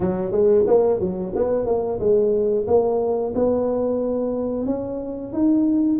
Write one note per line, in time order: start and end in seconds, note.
0.00 0.31 F#3
0.31 0.65 G#3
0.67 1.00 A#3
1.00 1.33 F#3
1.35 1.65 B3
1.65 1.98 A#3
1.99 2.66 G#3
2.67 3.33 A#3
3.35 4.65 B3
4.65 5.32 C#4
5.32 5.99 D#4